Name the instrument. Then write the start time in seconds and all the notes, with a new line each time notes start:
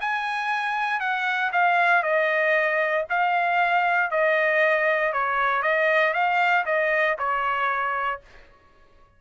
trumpet
0.00 G#5
1.00 F#5
1.52 F5
2.02 D#5
3.09 F5
4.10 D#5
5.12 C#5
5.62 D#5
6.13 F5
6.65 D#5
7.18 C#5